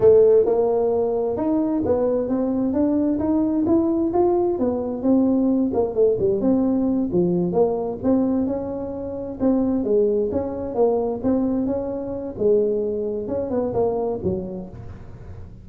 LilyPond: \new Staff \with { instrumentName = "tuba" } { \time 4/4 \tempo 4 = 131 a4 ais2 dis'4 | b4 c'4 d'4 dis'4 | e'4 f'4 b4 c'4~ | c'8 ais8 a8 g8 c'4. f8~ |
f8 ais4 c'4 cis'4.~ | cis'8 c'4 gis4 cis'4 ais8~ | ais8 c'4 cis'4. gis4~ | gis4 cis'8 b8 ais4 fis4 | }